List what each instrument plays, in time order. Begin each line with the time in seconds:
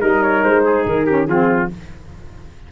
0.00 tuba G3, saxophone D#4, trumpet A#4, flute D#5
0.23 flute C#5
0.44 tuba G#3, flute C5
0.65 trumpet G#4
0.86 tuba D#3, flute A#4
1.06 saxophone C#4, trumpet G4
1.26 tuba F3, saxophone C4, trumpet F4, flute G#4